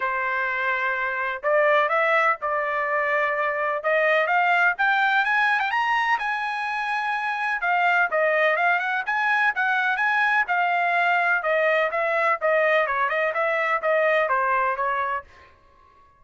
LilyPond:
\new Staff \with { instrumentName = "trumpet" } { \time 4/4 \tempo 4 = 126 c''2. d''4 | e''4 d''2. | dis''4 f''4 g''4 gis''8. g''16 | ais''4 gis''2. |
f''4 dis''4 f''8 fis''8 gis''4 | fis''4 gis''4 f''2 | dis''4 e''4 dis''4 cis''8 dis''8 | e''4 dis''4 c''4 cis''4 | }